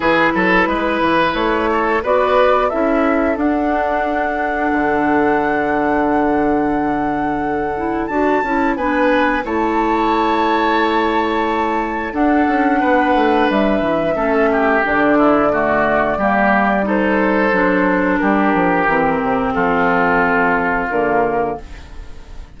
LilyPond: <<
  \new Staff \with { instrumentName = "flute" } { \time 4/4 \tempo 4 = 89 b'2 cis''4 d''4 | e''4 fis''2.~ | fis''1 | a''4 gis''4 a''2~ |
a''2 fis''2 | e''2 d''2~ | d''4 c''2 ais'4~ | ais'4 a'2 ais'4 | }
  \new Staff \with { instrumentName = "oboe" } { \time 4/4 gis'8 a'8 b'4. a'8 b'4 | a'1~ | a'1~ | a'4 b'4 cis''2~ |
cis''2 a'4 b'4~ | b'4 a'8 g'4 e'8 fis'4 | g'4 a'2 g'4~ | g'4 f'2. | }
  \new Staff \with { instrumentName = "clarinet" } { \time 4/4 e'2. fis'4 | e'4 d'2.~ | d'2.~ d'8 e'8 | fis'8 e'8 d'4 e'2~ |
e'2 d'2~ | d'4 cis'4 d'4 a4 | ais4 dis'4 d'2 | c'2. ais4 | }
  \new Staff \with { instrumentName = "bassoon" } { \time 4/4 e8 fis8 gis8 e8 a4 b4 | cis'4 d'2 d4~ | d1 | d'8 cis'8 b4 a2~ |
a2 d'8 cis'8 b8 a8 | g8 e8 a4 d2 | g2 fis4 g8 f8 | e8 c8 f2 d4 | }
>>